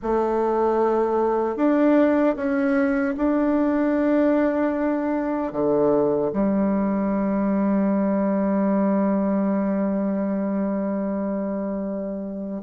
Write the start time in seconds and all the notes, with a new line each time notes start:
0.02 A3
1.56 D4
2.35 C#4
3.17 D4
5.52 D3
6.33 G3